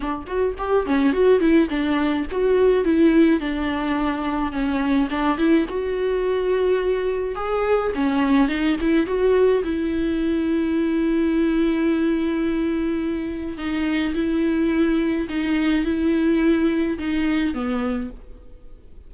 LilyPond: \new Staff \with { instrumentName = "viola" } { \time 4/4 \tempo 4 = 106 d'8 fis'8 g'8 cis'8 fis'8 e'8 d'4 | fis'4 e'4 d'2 | cis'4 d'8 e'8 fis'2~ | fis'4 gis'4 cis'4 dis'8 e'8 |
fis'4 e'2.~ | e'1 | dis'4 e'2 dis'4 | e'2 dis'4 b4 | }